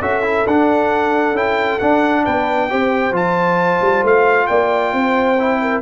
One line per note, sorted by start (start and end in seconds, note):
0.00 0.45 C#4
0.00 0.22 F#4
0.00 2.23 A4
0.00 0.47 E5
0.22 0.45 E4
0.46 1.32 D4
0.46 1.35 D4
0.46 1.36 F#5
1.32 1.77 C#4
1.32 1.80 E4
1.32 1.79 G5
1.79 2.69 D4
1.79 2.26 D4
1.79 2.24 F#5
2.23 2.71 B3
2.23 2.68 B4
2.23 3.14 G5
2.69 3.11 C4
2.69 3.12 G4
2.69 4.48 C5
3.11 3.78 F3
3.11 5.36 F4
3.11 4.05 A5
3.81 4.03 G3
4.03 4.47 A3
4.03 4.47 F5
4.47 4.93 A#3
4.47 4.93 D5
4.47 5.81 G5
4.93 5.81 C4
4.93 5.60 C5
5.39 5.81 E4
5.61 5.81 A#4